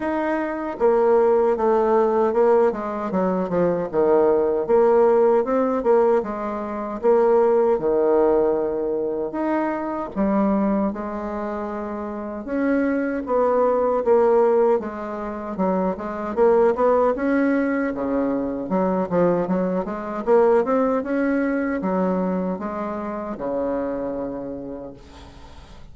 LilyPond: \new Staff \with { instrumentName = "bassoon" } { \time 4/4 \tempo 4 = 77 dis'4 ais4 a4 ais8 gis8 | fis8 f8 dis4 ais4 c'8 ais8 | gis4 ais4 dis2 | dis'4 g4 gis2 |
cis'4 b4 ais4 gis4 | fis8 gis8 ais8 b8 cis'4 cis4 | fis8 f8 fis8 gis8 ais8 c'8 cis'4 | fis4 gis4 cis2 | }